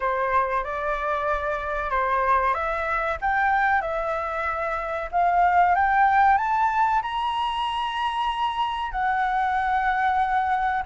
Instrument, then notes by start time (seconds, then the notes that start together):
flute
0.00 C5
0.64 D5
1.90 C5
2.54 E5
3.21 G5
3.81 E5
5.11 F5
5.75 G5
6.37 A5
7.02 A#5
8.91 F#5